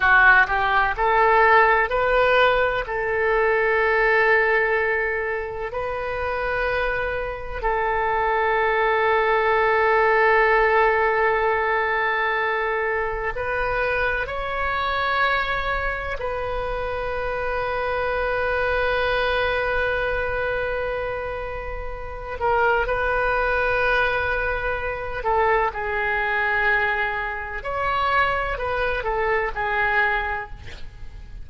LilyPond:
\new Staff \with { instrumentName = "oboe" } { \time 4/4 \tempo 4 = 63 fis'8 g'8 a'4 b'4 a'4~ | a'2 b'2 | a'1~ | a'2 b'4 cis''4~ |
cis''4 b'2.~ | b'2.~ b'8 ais'8 | b'2~ b'8 a'8 gis'4~ | gis'4 cis''4 b'8 a'8 gis'4 | }